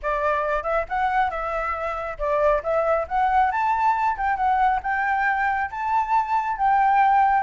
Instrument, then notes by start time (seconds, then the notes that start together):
flute
0.02 D5
0.63 E5
0.88 F#5
1.30 E5
2.18 D5
2.63 E5
3.08 F#5
3.51 A5
4.17 G5
4.36 F#5
4.82 G5
5.70 A5
6.57 G5